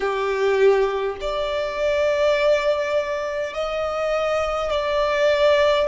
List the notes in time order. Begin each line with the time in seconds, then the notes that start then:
0.00 G4
1.21 D5
3.53 D#5
4.71 D5